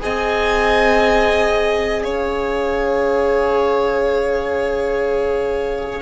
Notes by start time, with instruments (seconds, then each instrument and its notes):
0.00 cello C4, viola G#4, violin D#5 G#5
2.02 cello C#4, violin C#5 F5